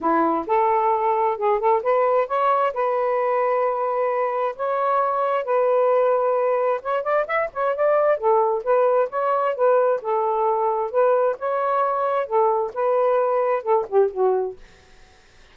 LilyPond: \new Staff \with { instrumentName = "saxophone" } { \time 4/4 \tempo 4 = 132 e'4 a'2 gis'8 a'8 | b'4 cis''4 b'2~ | b'2 cis''2 | b'2. cis''8 d''8 |
e''8 cis''8 d''4 a'4 b'4 | cis''4 b'4 a'2 | b'4 cis''2 a'4 | b'2 a'8 g'8 fis'4 | }